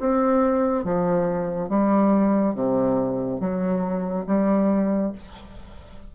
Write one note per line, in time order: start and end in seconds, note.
0.00 0.84 C4
0.84 1.69 F3
1.69 2.55 G3
2.55 3.40 C3
3.40 4.26 F#3
4.27 5.12 G3